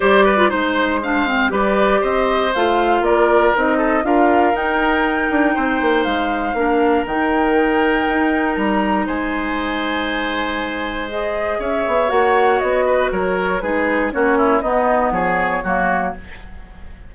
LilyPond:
<<
  \new Staff \with { instrumentName = "flute" } { \time 4/4 \tempo 4 = 119 d''4 c''2 d''4 | dis''4 f''4 d''4 dis''4 | f''4 g''2. | f''2 g''2~ |
g''4 ais''4 gis''2~ | gis''2 dis''4 e''4 | fis''4 dis''4 cis''4 b'4 | cis''4 dis''4 cis''2 | }
  \new Staff \with { instrumentName = "oboe" } { \time 4/4 c''8 b'8 c''4 f''4 b'4 | c''2 ais'4. a'8 | ais'2. c''4~ | c''4 ais'2.~ |
ais'2 c''2~ | c''2. cis''4~ | cis''4. b'8 ais'4 gis'4 | fis'8 e'8 dis'4 gis'4 fis'4 | }
  \new Staff \with { instrumentName = "clarinet" } { \time 4/4 g'8. f'16 dis'4 d'8 c'8 g'4~ | g'4 f'2 dis'4 | f'4 dis'2.~ | dis'4 d'4 dis'2~ |
dis'1~ | dis'2 gis'2 | fis'2. dis'4 | cis'4 b2 ais4 | }
  \new Staff \with { instrumentName = "bassoon" } { \time 4/4 g4 gis2 g4 | c'4 a4 ais4 c'4 | d'4 dis'4. d'8 c'8 ais8 | gis4 ais4 dis2 |
dis'4 g4 gis2~ | gis2. cis'8 b8 | ais4 b4 fis4 gis4 | ais4 b4 f4 fis4 | }
>>